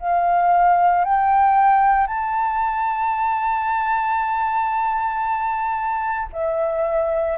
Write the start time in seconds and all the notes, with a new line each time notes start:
0.00 F5
1.05 G5
2.08 A5
6.33 E5